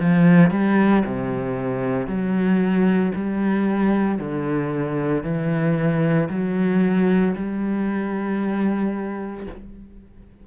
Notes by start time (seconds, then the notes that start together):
0.00 F3
0.51 G3
1.05 C3
2.07 F#3
3.15 G3
4.19 D3
5.23 E3
6.30 F#3
7.36 G3